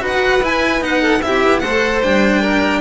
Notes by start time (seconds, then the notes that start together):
0.00 D#4 F#4 B4
0.07 F#5
0.40 E4 G#5
0.80 B3 D#4 F#5
1.01 A4
1.22 C4 E4 G4 E5
1.44 B3
1.59 A3 C5 F#5
1.65 A4
2.03 G3 D4 G5
2.41 A#4